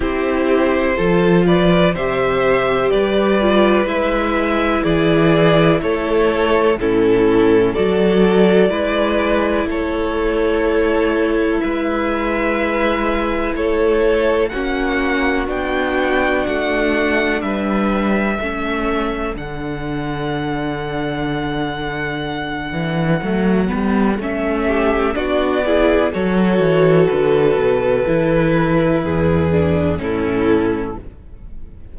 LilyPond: <<
  \new Staff \with { instrumentName = "violin" } { \time 4/4 \tempo 4 = 62 c''4. d''8 e''4 d''4 | e''4 d''4 cis''4 a'4 | d''2 cis''2 | e''2 cis''4 fis''4 |
g''4 fis''4 e''2 | fis''1~ | fis''4 e''4 d''4 cis''4 | b'2. a'4 | }
  \new Staff \with { instrumentName = "violin" } { \time 4/4 g'4 a'8 b'8 c''4 b'4~ | b'4 gis'4 a'4 e'4 | a'4 b'4 a'2 | b'2 a'4 fis'4~ |
fis'2 b'4 a'4~ | a'1~ | a'4. g'8 fis'8 gis'8 a'4~ | a'2 gis'4 e'4 | }
  \new Staff \with { instrumentName = "viola" } { \time 4/4 e'4 f'4 g'4. f'8 | e'2. cis'4 | fis'4 e'2.~ | e'2. cis'4 |
d'2. cis'4 | d'1 | a8 b8 cis'4 d'8 e'8 fis'4~ | fis'4 e'4. d'8 cis'4 | }
  \new Staff \with { instrumentName = "cello" } { \time 4/4 c'4 f4 c4 g4 | gis4 e4 a4 a,4 | fis4 gis4 a2 | gis2 a4 ais4 |
b4 a4 g4 a4 | d2.~ d8 e8 | fis8 g8 a4 b4 fis8 e8 | d8 b,8 e4 e,4 a,4 | }
>>